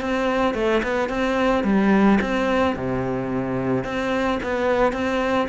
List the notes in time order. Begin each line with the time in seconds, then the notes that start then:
0.00 C4
0.54 A3
0.82 B3
1.09 C4
1.63 G3
2.20 C4
2.75 C3
3.84 C4
4.42 B3
4.92 C4